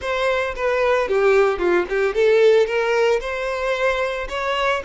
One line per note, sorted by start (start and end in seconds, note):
0.01 0.55 C5
0.55 1.08 B4
1.08 1.59 G4
1.59 1.85 F4
1.89 2.14 G4
2.14 2.66 A4
2.66 3.20 A#4
3.20 4.27 C5
4.28 4.82 C#5